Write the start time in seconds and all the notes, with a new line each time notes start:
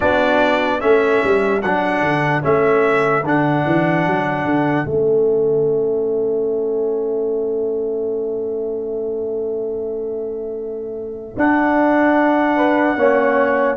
0.00 B3 D4 F#4 D5
0.79 A3 C#4 A4 E5
1.23 G3
1.61 F#3 D4 F#5
2.01 D3
2.42 A3 C#4 E5
3.23 D3 D4 F#5
3.66 E3
4.06 F#3
4.44 D3
4.85 A3 C#4 E5
11.36 D4 F#5
12.55 B4
12.96 A#3 C#4 C#5